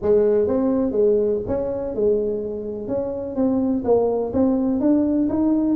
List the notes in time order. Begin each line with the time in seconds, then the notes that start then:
0.01 G#3
0.47 C4
0.91 G#3
1.47 C#4
1.94 G#3
2.87 C#4
3.35 C4
3.84 A#3
4.33 C4
4.80 D4
5.29 D#4